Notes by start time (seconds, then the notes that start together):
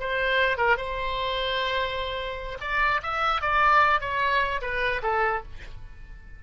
0.00 C5
0.58 A#4
0.77 C5
2.61 D5
3.03 E5
3.42 D5
4.01 C#5
4.62 B4
5.03 A4